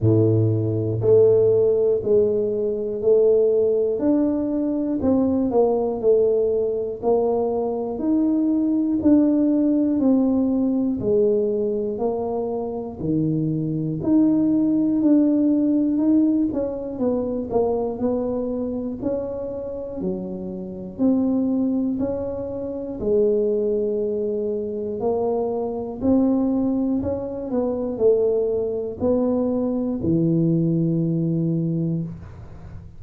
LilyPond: \new Staff \with { instrumentName = "tuba" } { \time 4/4 \tempo 4 = 60 a,4 a4 gis4 a4 | d'4 c'8 ais8 a4 ais4 | dis'4 d'4 c'4 gis4 | ais4 dis4 dis'4 d'4 |
dis'8 cis'8 b8 ais8 b4 cis'4 | fis4 c'4 cis'4 gis4~ | gis4 ais4 c'4 cis'8 b8 | a4 b4 e2 | }